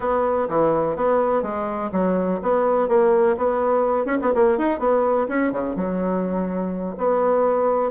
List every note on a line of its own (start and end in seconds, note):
0.00 0.48 B3
0.48 0.96 E3
0.96 1.42 B3
1.42 1.90 G#3
1.92 2.40 F#3
2.42 2.88 B3
2.88 3.36 A#3
3.37 4.05 B3
4.05 4.17 C#4
4.21 4.33 B3
4.34 4.58 A#3
4.58 4.79 D#4
4.79 5.27 B3
5.28 5.52 C#4
5.52 5.75 C#3
5.75 6.95 F#3
6.97 7.91 B3